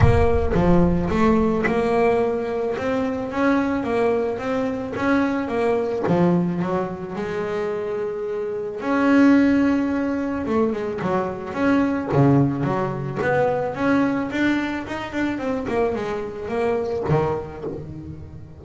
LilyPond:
\new Staff \with { instrumentName = "double bass" } { \time 4/4 \tempo 4 = 109 ais4 f4 a4 ais4~ | ais4 c'4 cis'4 ais4 | c'4 cis'4 ais4 f4 | fis4 gis2. |
cis'2. a8 gis8 | fis4 cis'4 cis4 fis4 | b4 cis'4 d'4 dis'8 d'8 | c'8 ais8 gis4 ais4 dis4 | }